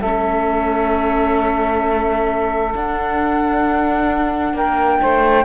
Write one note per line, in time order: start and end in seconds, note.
0.00 2.74 A3
0.00 2.73 C#4
0.00 4.55 A4
0.00 2.74 E5
2.73 5.45 D4
2.73 4.54 D4
2.73 4.56 F#5
4.54 4.99 A#3
4.54 5.00 A#4
4.54 5.45 G5
5.01 5.45 A3
5.01 5.45 C5